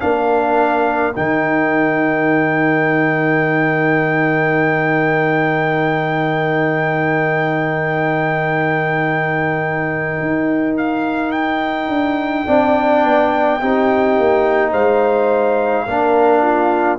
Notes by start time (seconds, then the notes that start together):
0.00 A#3 D4 A#4 F5
1.16 D#3 D#4 G5
10.21 D#4
10.78 F5
11.32 G5
11.88 D4
12.47 C4 D4 D5
13.04 B3
13.60 C4 D#4 G4
14.18 A#3
14.72 G#3 C5 F5
15.86 A#3 D4 A#4
16.42 F4